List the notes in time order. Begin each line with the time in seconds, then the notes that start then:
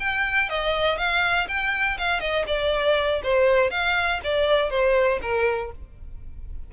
0.00 G5
0.50 D#5
0.98 F5
1.49 G5
1.98 F5
2.20 D#5
2.47 D5
3.24 C5
3.71 F5
4.24 D5
4.71 C5
5.22 A#4